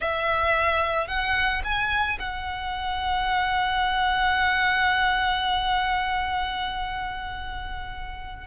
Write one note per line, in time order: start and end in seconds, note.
0.00 1.07 E5
1.07 1.62 F#5
1.64 2.18 G#5
2.19 8.46 F#5